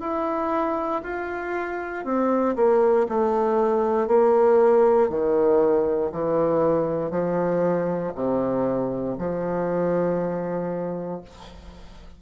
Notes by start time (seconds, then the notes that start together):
0.00 E4
1.03 F4
2.04 C4
2.56 A#3
3.08 A3
4.08 A#3
5.09 D#3
6.12 E3
7.10 F3
8.15 C3
9.18 F3